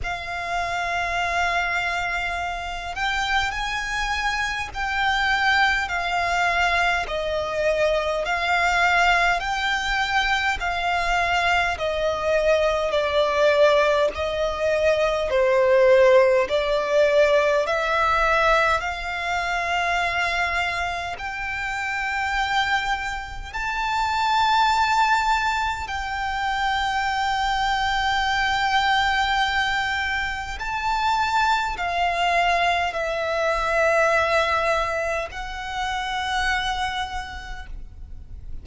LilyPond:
\new Staff \with { instrumentName = "violin" } { \time 4/4 \tempo 4 = 51 f''2~ f''8 g''8 gis''4 | g''4 f''4 dis''4 f''4 | g''4 f''4 dis''4 d''4 | dis''4 c''4 d''4 e''4 |
f''2 g''2 | a''2 g''2~ | g''2 a''4 f''4 | e''2 fis''2 | }